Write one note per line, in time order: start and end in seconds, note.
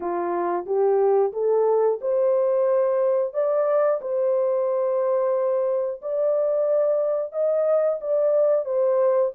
0.00 0.65 F4
0.65 1.32 G4
1.32 1.99 A4
2.01 3.33 C5
3.33 4.00 D5
4.01 6.01 C5
6.01 7.32 D5
7.32 7.99 D#5
8.00 8.65 D5
8.65 9.32 C5